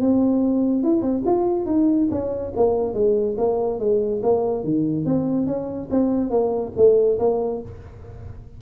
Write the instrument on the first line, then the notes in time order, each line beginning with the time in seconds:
tuba
0.00 C4
0.83 E4
1.02 C4
1.26 F4
1.66 D#4
2.11 C#4
2.56 A#3
2.94 G#3
3.38 A#3
3.79 G#3
4.23 A#3
4.64 D#3
5.05 C4
5.47 C#4
5.90 C4
6.30 A#3
6.76 A3
7.19 A#3